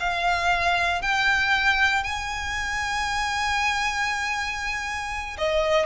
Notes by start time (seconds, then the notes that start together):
0.00 F5
1.02 G5
2.04 G#5
5.38 D#5